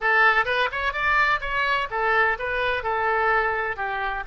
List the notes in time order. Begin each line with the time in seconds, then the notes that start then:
0.00 A4
0.45 B4
0.71 C#5
0.92 D5
1.40 C#5
1.90 A4
2.38 B4
2.83 A4
3.76 G4